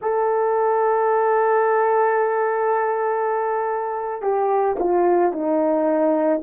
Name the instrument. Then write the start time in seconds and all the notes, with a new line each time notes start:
horn
0.01 A4
4.21 G4
4.79 F4
5.32 D#4